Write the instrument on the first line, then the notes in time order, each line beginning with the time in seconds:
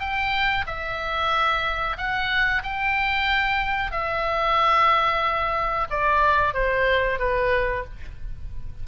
oboe
0.00 G5
0.67 E5
1.97 F#5
2.63 G5
3.92 E5
5.91 D5
6.54 C5
7.19 B4